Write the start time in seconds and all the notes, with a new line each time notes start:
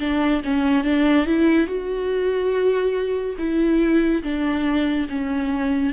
0.00 D4
0.44 C#4
0.84 D4
1.26 E4
1.67 F#4
3.38 E4
4.23 D4
5.09 C#4